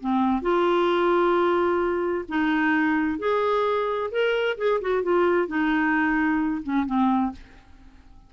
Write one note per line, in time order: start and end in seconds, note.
0.00 0.42 C4
0.42 2.25 F4
2.29 3.19 D#4
3.19 4.11 G#4
4.11 4.57 A#4
4.58 4.81 G#4
4.82 5.03 F#4
5.03 5.48 F4
5.48 6.62 D#4
6.63 6.86 C#4
6.86 7.32 C4